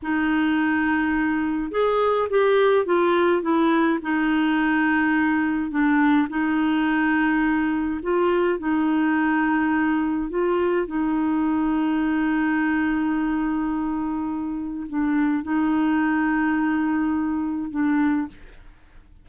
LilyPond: \new Staff \with { instrumentName = "clarinet" } { \time 4/4 \tempo 4 = 105 dis'2. gis'4 | g'4 f'4 e'4 dis'4~ | dis'2 d'4 dis'4~ | dis'2 f'4 dis'4~ |
dis'2 f'4 dis'4~ | dis'1~ | dis'2 d'4 dis'4~ | dis'2. d'4 | }